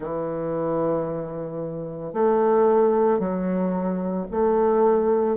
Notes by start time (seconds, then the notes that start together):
0.00 E3
2.13 A3
3.19 F#3
4.31 A3